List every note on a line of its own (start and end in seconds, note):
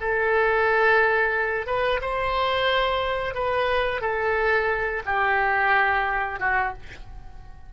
0.00 1.66 A4
1.66 2.00 B4
2.01 3.34 C5
3.34 4.01 B4
4.01 5.02 A4
5.06 6.40 G4
6.40 6.73 F#4